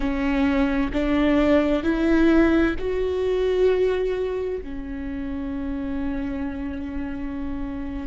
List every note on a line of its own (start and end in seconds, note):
0.00 0.91 C#4
0.92 1.83 D4
1.83 2.75 E4
2.78 4.62 F#4
4.62 8.07 C#4